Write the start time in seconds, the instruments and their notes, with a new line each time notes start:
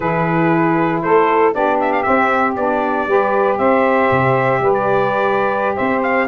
0.00 tuba E3, saxophone E4 G#4, trumpet B4
1.02 tuba A3, saxophone A4, trumpet C5
1.52 tuba B3, saxophone D4 G4, trumpet D5
1.80 trumpet E5
1.92 trumpet F5
2.02 saxophone C4, tuba C4, trumpet E5
2.56 tuba B3, saxophone D4, trumpet D5
3.07 tuba G3, saxophone G4 B4
3.58 tuba C4, saxophone C5, trumpet E5
4.11 tuba C3
4.60 tuba G3, saxophone B4
4.73 trumpet D5
5.75 tuba C4, saxophone C5, trumpet E5
6.03 trumpet F5